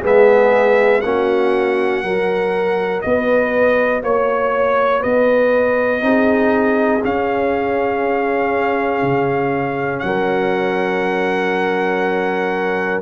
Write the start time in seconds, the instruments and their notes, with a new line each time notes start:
0.00 tuba G#3, trombone B3, horn G#4
0.06 trumpet E5
1.01 tuba A#3, trombone C#4, horn F#4, trumpet F#5
2.03 tuba F#3, trombone F#4, horn A#4
3.01 tuba B3, horn B4, trumpet D#5
4.03 tuba A#3, horn C#5, trumpet C#5
5.00 tuba B3, horn B4, trumpet D#5
6.00 tuba C4, trombone D#4
6.06 horn G#4
7.04 trombone C#4, tuba C#4, trumpet F5
9.03 tuba C#3
10.00 tuba F#3, horn A#4, trumpet F#5